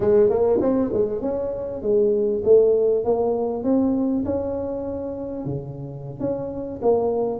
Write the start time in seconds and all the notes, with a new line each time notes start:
0.00 G#3
0.29 A#3
0.61 C4
0.93 G#3
1.21 C#4
1.82 G#3
2.44 A3
3.04 A#3
3.63 C4
4.25 C#4
5.45 C#3
6.20 C#4
6.82 A#3